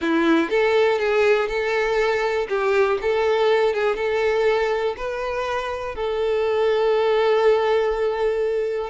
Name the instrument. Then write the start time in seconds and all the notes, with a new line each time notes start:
violin
0.01 E4
0.50 A4
0.98 G#4
1.48 A4
2.48 G4
3.01 A4
3.73 G#4
3.96 A4
4.97 B4
5.95 A4